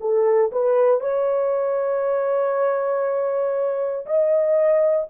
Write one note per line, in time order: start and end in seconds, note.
0.00 0.51 A4
0.52 1.00 B4
1.00 4.05 C#5
4.06 5.08 D#5